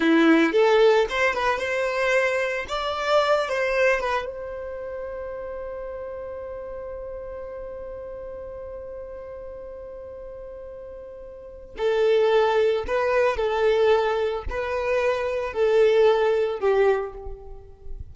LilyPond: \new Staff \with { instrumentName = "violin" } { \time 4/4 \tempo 4 = 112 e'4 a'4 c''8 b'8 c''4~ | c''4 d''4. c''4 b'8 | c''1~ | c''1~ |
c''1~ | c''2 a'2 | b'4 a'2 b'4~ | b'4 a'2 g'4 | }